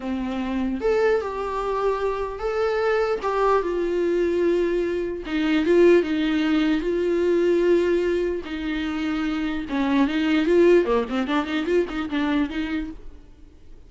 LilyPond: \new Staff \with { instrumentName = "viola" } { \time 4/4 \tempo 4 = 149 c'2 a'4 g'4~ | g'2 a'2 | g'4 f'2.~ | f'4 dis'4 f'4 dis'4~ |
dis'4 f'2.~ | f'4 dis'2. | cis'4 dis'4 f'4 ais8 c'8 | d'8 dis'8 f'8 dis'8 d'4 dis'4 | }